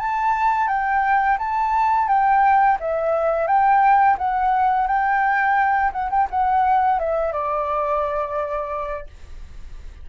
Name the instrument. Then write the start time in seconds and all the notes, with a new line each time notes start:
flute
0.00 A5
0.68 G5
1.39 A5
2.08 G5
2.80 E5
3.48 G5
4.19 F#5
4.87 G5
5.93 F#5
6.11 G5
6.31 F#5
7.00 E5
7.33 D5